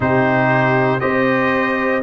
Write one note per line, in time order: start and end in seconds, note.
0.00 0.99 C3
0.00 1.00 D#4
0.00 1.00 G4
0.00 1.00 C5
1.00 2.02 C4
1.00 2.01 G4
1.00 2.02 C5
1.00 2.01 D#5